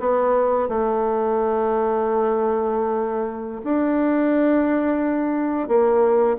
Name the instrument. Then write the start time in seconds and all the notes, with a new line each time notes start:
bassoon
0.00 B3
0.69 A3
3.64 D4
5.68 A#3